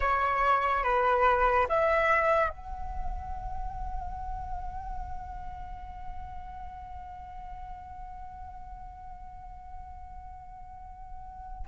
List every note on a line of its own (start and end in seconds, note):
0.00 0.83 C#5
0.83 1.67 B4
1.69 2.48 E5
2.48 11.65 F#5